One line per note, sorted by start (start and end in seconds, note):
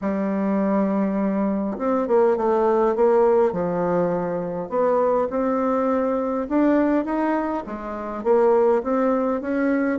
0.01 1.77 G3
1.78 2.07 C4
2.07 2.36 A#3
2.36 2.95 A3
2.95 3.52 A#3
3.52 4.69 F3
4.69 5.28 B3
5.30 6.47 C4
6.48 7.04 D4
7.04 7.63 D#4
7.66 8.23 G#3
8.23 8.82 A#3
8.83 9.41 C4
9.41 9.99 C#4